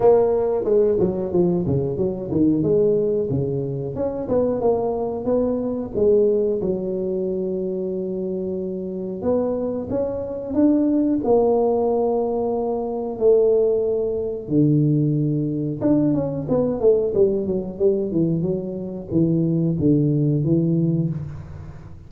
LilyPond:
\new Staff \with { instrumentName = "tuba" } { \time 4/4 \tempo 4 = 91 ais4 gis8 fis8 f8 cis8 fis8 dis8 | gis4 cis4 cis'8 b8 ais4 | b4 gis4 fis2~ | fis2 b4 cis'4 |
d'4 ais2. | a2 d2 | d'8 cis'8 b8 a8 g8 fis8 g8 e8 | fis4 e4 d4 e4 | }